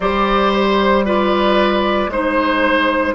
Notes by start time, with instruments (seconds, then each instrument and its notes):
0.00 bassoon G3, clarinet G4, oboe C5, flute D5
0.53 flute C5
1.05 clarinet F4, oboe B4, flute D5
2.07 bassoon G#3, clarinet D#4, flute C5, oboe C5